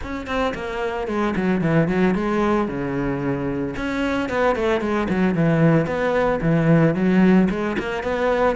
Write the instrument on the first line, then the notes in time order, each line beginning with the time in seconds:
cello
0.03 C#4
0.27 C4
0.54 A#3
1.07 G#3
1.35 F#3
1.61 E3
1.87 F#3
2.14 G#3
2.68 C#3
3.76 C#4
4.29 B3
4.55 A3
4.81 G#3
5.09 F#3
5.34 E3
5.86 B3
6.41 E3
6.94 F#3
7.50 G#3
7.78 A#3
8.03 B3